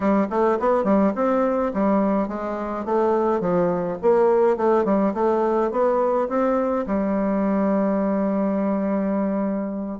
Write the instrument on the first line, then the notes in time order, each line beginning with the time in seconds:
bassoon
0.00 G3
0.29 A3
0.59 B3
0.84 G3
1.15 C4
1.73 G3
2.28 G#3
2.85 A3
3.40 F3
4.02 A#3
4.57 A3
4.84 G3
5.14 A3
5.71 B3
6.28 C4
6.86 G3